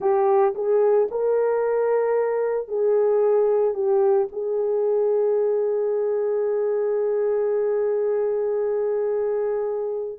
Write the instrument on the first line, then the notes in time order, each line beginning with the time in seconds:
horn
0.00 G4
0.55 G#4
1.10 A#4
2.68 G#4
3.74 G4
4.31 G#4